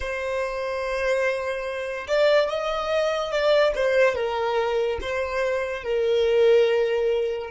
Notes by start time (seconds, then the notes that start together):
0.00 C5
2.07 D5
2.49 D#5
3.31 D5
3.75 C5
4.15 A#4
5.01 C5
5.83 A#4